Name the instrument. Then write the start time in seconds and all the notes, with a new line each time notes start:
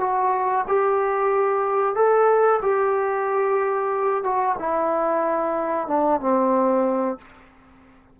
trombone
0.00 F#4
0.68 G4
1.95 A4
2.62 G4
4.24 F#4
4.59 E4
5.88 D4
6.20 C4